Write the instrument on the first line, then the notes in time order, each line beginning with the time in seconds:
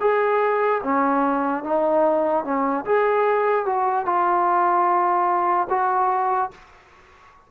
trombone
0.00 G#4
0.83 C#4
1.63 D#4
2.44 C#4
2.85 G#4
3.65 F#4
4.05 F4
5.69 F#4